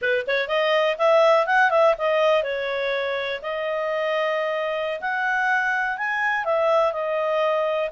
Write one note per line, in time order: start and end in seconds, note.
0.01 0.26 B4
0.27 0.47 C#5
0.47 0.96 D#5
0.98 1.46 E5
1.46 1.70 F#5
1.70 1.94 E5
1.98 2.43 D#5
2.43 3.40 C#5
3.41 5.00 D#5
5.00 5.97 F#5
5.97 6.44 G#5
6.44 6.92 E5
6.92 7.90 D#5